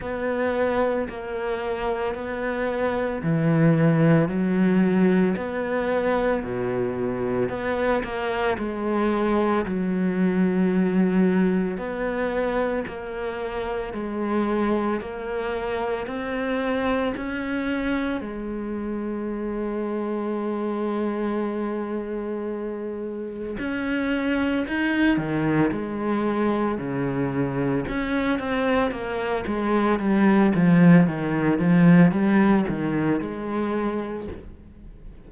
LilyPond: \new Staff \with { instrumentName = "cello" } { \time 4/4 \tempo 4 = 56 b4 ais4 b4 e4 | fis4 b4 b,4 b8 ais8 | gis4 fis2 b4 | ais4 gis4 ais4 c'4 |
cis'4 gis2.~ | gis2 cis'4 dis'8 dis8 | gis4 cis4 cis'8 c'8 ais8 gis8 | g8 f8 dis8 f8 g8 dis8 gis4 | }